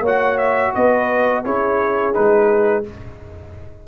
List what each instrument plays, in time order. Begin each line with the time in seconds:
0.00 tuba A#3, trombone F#4, horn C#5
0.06 trumpet F#5
0.37 trumpet E5
0.74 tuba B3, horn B4, trumpet D#5
1.44 tuba C#4, trombone E4, horn G#4, trumpet C#5
2.13 tuba G#3, trombone D#4, trumpet B4